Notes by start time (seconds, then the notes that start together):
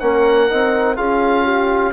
0.00 A#3 C#4 A#4 F#5
0.49 C4 D#4
0.96 C#4 F4 G#4 F5
1.44 G4